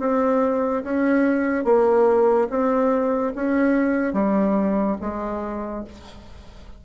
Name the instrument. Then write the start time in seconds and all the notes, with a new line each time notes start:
bassoon
0.00 C4
0.84 C#4
1.65 A#3
2.50 C4
3.35 C#4
4.14 G3
5.01 G#3